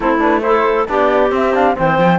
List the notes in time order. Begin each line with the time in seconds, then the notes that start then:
0.00 A3 C4 E4 A4
0.19 D4 B4
0.41 E4 A4 C5
0.87 B3 D4 G4 D5
1.30 C4 E5
1.54 D4 F5
1.75 E3 C4 C5 G5
1.98 F3